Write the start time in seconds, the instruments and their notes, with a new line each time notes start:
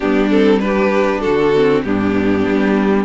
0.00 cello G3, viola B3, violin D4 G4
0.30 viola C4, violin A4
0.59 viola D4, violin G4 B4
1.20 cello D3, violin F#4 A4
1.55 viola C4
1.83 cello G2, viola B3, violin D4 G4
2.46 cello G3